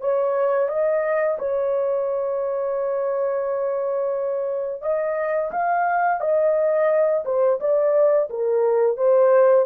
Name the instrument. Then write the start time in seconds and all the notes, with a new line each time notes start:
horn
0.00 C#5
0.68 D#5
1.39 C#5
4.82 D#5
5.51 F5
6.20 D#5
7.25 C5
7.60 D5
8.29 A#4
8.97 C5